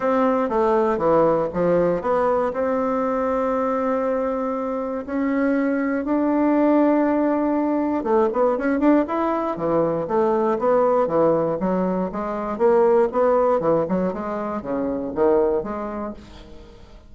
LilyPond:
\new Staff \with { instrumentName = "bassoon" } { \time 4/4 \tempo 4 = 119 c'4 a4 e4 f4 | b4 c'2.~ | c'2 cis'2 | d'1 |
a8 b8 cis'8 d'8 e'4 e4 | a4 b4 e4 fis4 | gis4 ais4 b4 e8 fis8 | gis4 cis4 dis4 gis4 | }